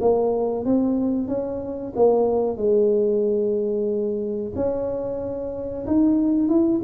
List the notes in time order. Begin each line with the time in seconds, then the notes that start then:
0.00 A#3
0.64 C4
1.27 C#4
1.96 A#3
2.56 G#3
4.55 C#4
5.86 D#4
6.48 E4